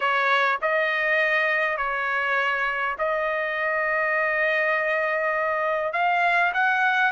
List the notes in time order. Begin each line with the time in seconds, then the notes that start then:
0.00 C#5
0.61 D#5
1.77 C#5
2.98 D#5
5.92 F5
6.53 F#5